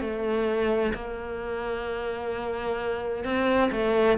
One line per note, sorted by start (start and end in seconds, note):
0.00 0.92 A3
0.94 3.24 A#3
3.24 3.70 C4
3.71 4.17 A3